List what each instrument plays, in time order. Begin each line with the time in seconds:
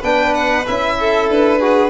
0.00 tuba B3, trombone D4, violin B4 G5
0.35 violin F#5
0.67 tuba C#4, trombone E4, violin E5
1.00 violin A4
1.29 tuba D4, violin B4
1.59 trombone F#4, violin G#4